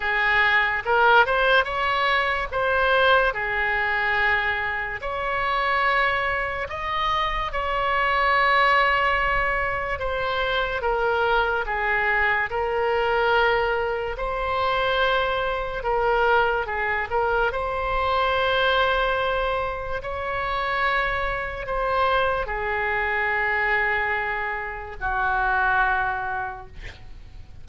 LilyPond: \new Staff \with { instrumentName = "oboe" } { \time 4/4 \tempo 4 = 72 gis'4 ais'8 c''8 cis''4 c''4 | gis'2 cis''2 | dis''4 cis''2. | c''4 ais'4 gis'4 ais'4~ |
ais'4 c''2 ais'4 | gis'8 ais'8 c''2. | cis''2 c''4 gis'4~ | gis'2 fis'2 | }